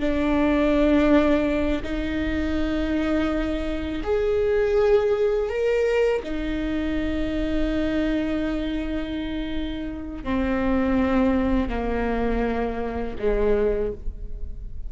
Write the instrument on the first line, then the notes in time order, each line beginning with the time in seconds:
viola
0.00 D4
1.83 D#4
4.03 G#4
5.49 A#4
6.24 D#4
10.24 C4
11.69 A#3
13.19 G#3